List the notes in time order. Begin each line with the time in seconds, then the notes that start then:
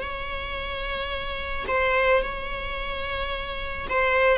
0.00 C#5
1.67 C5
2.22 C#5
3.89 C5